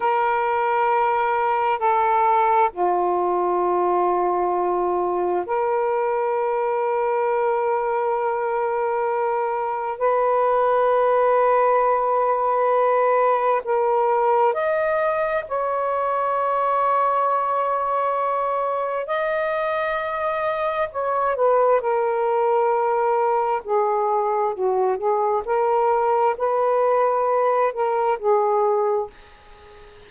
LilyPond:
\new Staff \with { instrumentName = "saxophone" } { \time 4/4 \tempo 4 = 66 ais'2 a'4 f'4~ | f'2 ais'2~ | ais'2. b'4~ | b'2. ais'4 |
dis''4 cis''2.~ | cis''4 dis''2 cis''8 b'8 | ais'2 gis'4 fis'8 gis'8 | ais'4 b'4. ais'8 gis'4 | }